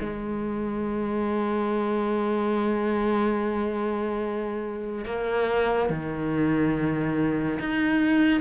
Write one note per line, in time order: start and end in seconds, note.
0.00 5.05 G#3
5.05 5.89 A#3
5.89 7.58 D#3
7.59 8.40 D#4